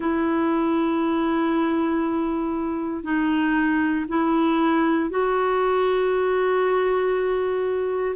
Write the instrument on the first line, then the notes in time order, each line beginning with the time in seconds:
clarinet
0.00 E4
3.03 D#4
4.08 E4
5.09 F#4